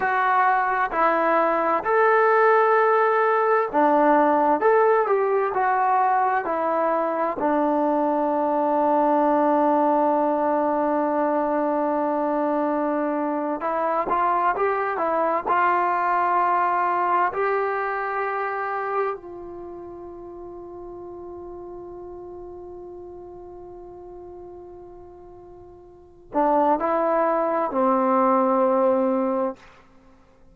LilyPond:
\new Staff \with { instrumentName = "trombone" } { \time 4/4 \tempo 4 = 65 fis'4 e'4 a'2 | d'4 a'8 g'8 fis'4 e'4 | d'1~ | d'2~ d'8. e'8 f'8 g'16~ |
g'16 e'8 f'2 g'4~ g'16~ | g'8. f'2.~ f'16~ | f'1~ | f'8 d'8 e'4 c'2 | }